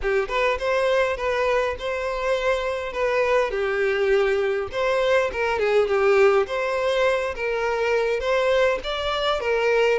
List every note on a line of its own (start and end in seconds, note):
0.02 0.28 G4
0.28 0.57 B4
0.58 1.17 C5
1.17 1.75 B4
1.78 2.93 C5
2.93 3.51 B4
3.51 4.68 G4
4.71 5.30 C5
5.32 5.59 A#4
5.59 5.87 G#4
5.87 6.46 G4
6.46 7.34 C5
7.35 8.20 A#4
8.20 8.79 C5
8.83 9.40 D5
9.40 9.99 A#4